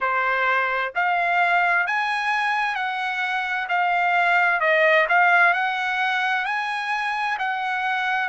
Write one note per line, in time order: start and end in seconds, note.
0.00 0.93 C5
0.95 1.87 F5
1.87 2.75 G#5
2.75 3.67 F#5
3.68 4.60 F5
4.60 5.06 D#5
5.08 5.53 F5
5.53 6.45 F#5
6.45 7.37 G#5
7.38 8.28 F#5